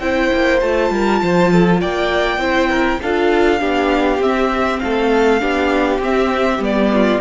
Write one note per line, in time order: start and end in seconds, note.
0.00 0.30 C4
0.00 0.61 E4
0.00 0.93 C5
0.00 0.60 G5
0.34 0.62 A#3
0.61 0.91 A3
0.61 2.41 F4
0.61 1.81 A5
0.91 1.21 G3
0.91 1.23 A#4
1.23 1.83 F3
1.23 1.53 C5
1.53 1.81 A4
1.81 2.38 A#3
1.81 2.41 D5
1.81 3.01 G5
2.38 2.98 C4
2.38 3.01 E4
2.38 2.70 C5
2.70 3.00 A#4
3.02 3.62 D4
3.02 3.60 F4
3.02 3.60 A4
3.02 4.23 F5
3.60 4.20 B3
3.60 4.20 D4
3.60 4.80 G4
4.20 4.79 C4
4.20 5.40 C4
4.20 4.80 E5
4.80 5.42 A3
4.80 5.42 A4
4.80 6.00 F5
5.40 5.99 B3
5.40 6.00 D4
5.40 6.92 G4
5.99 6.59 C4
5.99 6.61 C4
5.99 6.64 E5
6.59 7.19 G3
6.59 7.21 B3
6.59 7.21 D5
6.94 7.21 F4